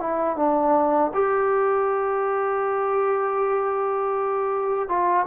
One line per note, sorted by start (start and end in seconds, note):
0.00 0.36 E4
0.36 1.11 D4
1.14 4.89 G4
4.89 5.26 F4